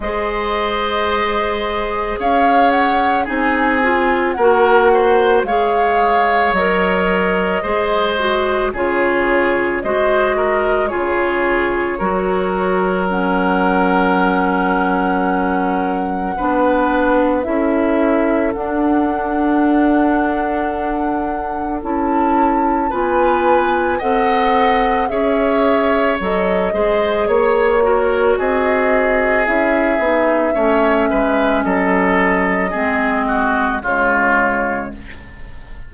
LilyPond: <<
  \new Staff \with { instrumentName = "flute" } { \time 4/4 \tempo 4 = 55 dis''2 f''8 fis''8 gis''4 | fis''4 f''4 dis''2 | cis''4 dis''4 cis''2 | fis''1 |
e''4 fis''2. | a''4 gis''4 fis''4 e''4 | dis''4 cis''4 dis''4 e''4~ | e''4 dis''2 cis''4 | }
  \new Staff \with { instrumentName = "oboe" } { \time 4/4 c''2 cis''4 gis'4 | ais'8 c''8 cis''2 c''4 | gis'4 c''8 ais'8 gis'4 ais'4~ | ais'2. b'4 |
a'1~ | a'4 b'4 dis''4 cis''4~ | cis''8 c''8 cis''8 ais'8 gis'2 | cis''8 b'8 a'4 gis'8 fis'8 f'4 | }
  \new Staff \with { instrumentName = "clarinet" } { \time 4/4 gis'2. dis'8 f'8 | fis'4 gis'4 ais'4 gis'8 fis'8 | f'4 fis'4 f'4 fis'4 | cis'2. d'4 |
e'4 d'2. | e'4 f'4 a'4 gis'4 | a'8 gis'4 fis'4. e'8 dis'8 | cis'2 c'4 gis4 | }
  \new Staff \with { instrumentName = "bassoon" } { \time 4/4 gis2 cis'4 c'4 | ais4 gis4 fis4 gis4 | cis4 gis4 cis4 fis4~ | fis2. b4 |
cis'4 d'2. | cis'4 b4 c'4 cis'4 | fis8 gis8 ais4 c'4 cis'8 b8 | a8 gis8 fis4 gis4 cis4 | }
>>